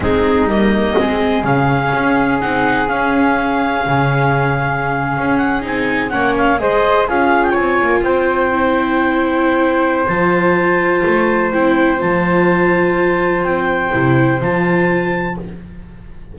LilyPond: <<
  \new Staff \with { instrumentName = "clarinet" } { \time 4/4 \tempo 4 = 125 gis'4 dis''2 f''4~ | f''4 fis''4 f''2~ | f''2.~ f''16 fis''8 gis''16~ | gis''8. fis''8 f''8 dis''4 f''8. g''16 gis''16~ |
gis''8. g''2.~ g''16~ | g''4 a''2. | g''4 a''2. | g''2 a''2 | }
  \new Staff \with { instrumentName = "flute" } { \time 4/4 dis'2 gis'2~ | gis'1~ | gis'1~ | gis'8. cis''4 c''4 gis'4 cis''16~ |
cis''8. c''2.~ c''16~ | c''1~ | c''1~ | c''1 | }
  \new Staff \with { instrumentName = "viola" } { \time 4/4 c'4 ais4 c'4 cis'4~ | cis'4 dis'4 cis'2~ | cis'2.~ cis'8. dis'16~ | dis'8. cis'4 gis'4 f'4~ f'16~ |
f'4.~ f'16 e'2~ e'16~ | e'4 f'2. | e'4 f'2.~ | f'4 e'4 f'2 | }
  \new Staff \with { instrumentName = "double bass" } { \time 4/4 gis4 g4 gis4 cis4 | cis'4 c'4 cis'2 | cis2~ cis8. cis'4 c'16~ | c'8. ais4 gis4 cis'4 c'16~ |
c'16 ais8 c'2.~ c'16~ | c'4 f2 a4 | c'4 f2. | c'4 c4 f2 | }
>>